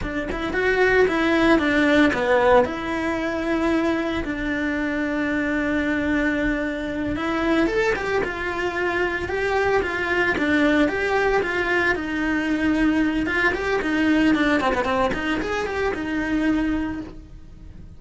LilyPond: \new Staff \with { instrumentName = "cello" } { \time 4/4 \tempo 4 = 113 d'8 e'8 fis'4 e'4 d'4 | b4 e'2. | d'1~ | d'4. e'4 a'8 g'8 f'8~ |
f'4. g'4 f'4 d'8~ | d'8 g'4 f'4 dis'4.~ | dis'4 f'8 g'8 dis'4 d'8 c'16 b16 | c'8 dis'8 gis'8 g'8 dis'2 | }